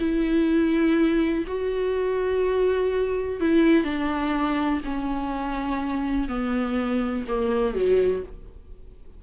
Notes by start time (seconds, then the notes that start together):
0.00 E4
1.47 F#4
3.41 E4
3.84 D4
4.85 C#4
6.29 B3
7.28 A#3
7.75 F#3